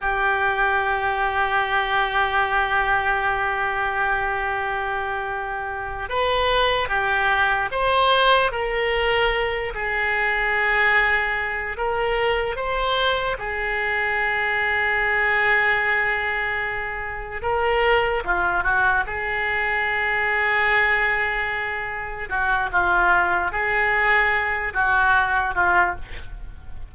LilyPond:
\new Staff \with { instrumentName = "oboe" } { \time 4/4 \tempo 4 = 74 g'1~ | g'2.~ g'8 b'8~ | b'8 g'4 c''4 ais'4. | gis'2~ gis'8 ais'4 c''8~ |
c''8 gis'2.~ gis'8~ | gis'4. ais'4 f'8 fis'8 gis'8~ | gis'2.~ gis'8 fis'8 | f'4 gis'4. fis'4 f'8 | }